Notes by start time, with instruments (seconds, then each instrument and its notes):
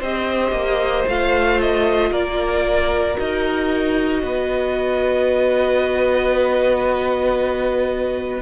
0.00 cello C4, viola G4, violin C5 D#5
0.52 cello A#3
1.07 cello A3, viola F4, violin F5
1.61 violin D#5
2.11 cello A#3, violin A#4 D5
3.14 cello D#4, viola F#4, violin D#5
4.23 cello B3, violin B4